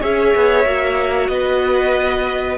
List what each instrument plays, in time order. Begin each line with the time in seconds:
0.00 cello C#4, viola G#4, violin C#5 E5
0.35 cello B3
0.65 cello A#3, viola F#4
1.28 cello B3, violin B4 D#5